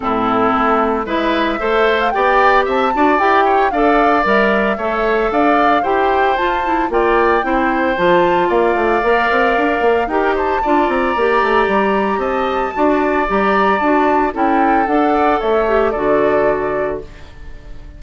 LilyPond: <<
  \new Staff \with { instrumentName = "flute" } { \time 4/4 \tempo 4 = 113 a'2 e''4.~ e''16 f''16 | g''4 a''4 g''4 f''4 | e''2 f''4 g''4 | a''4 g''2 a''4 |
f''2. g''8 a''8~ | a''8 ais''2~ ais''8 a''4~ | a''4 ais''4 a''4 g''4 | fis''4 e''4 d''2 | }
  \new Staff \with { instrumentName = "oboe" } { \time 4/4 e'2 b'4 c''4 | d''4 e''8 d''4 cis''8 d''4~ | d''4 cis''4 d''4 c''4~ | c''4 d''4 c''2 |
d''2. ais'8 c''8 | d''2. dis''4 | d''2. a'4~ | a'8 d''8 cis''4 a'2 | }
  \new Staff \with { instrumentName = "clarinet" } { \time 4/4 c'2 e'4 a'4 | g'4. fis'8 g'4 a'4 | ais'4 a'2 g'4 | f'8 e'8 f'4 e'4 f'4~ |
f'4 ais'2 g'4 | f'4 g'2. | fis'4 g'4 fis'4 e'4 | a'4. g'8 fis'2 | }
  \new Staff \with { instrumentName = "bassoon" } { \time 4/4 a,4 a4 gis4 a4 | b4 c'8 d'8 e'4 d'4 | g4 a4 d'4 e'4 | f'4 ais4 c'4 f4 |
ais8 a8 ais8 c'8 d'8 ais8 dis'4 | d'8 c'8 ais8 a8 g4 c'4 | d'4 g4 d'4 cis'4 | d'4 a4 d2 | }
>>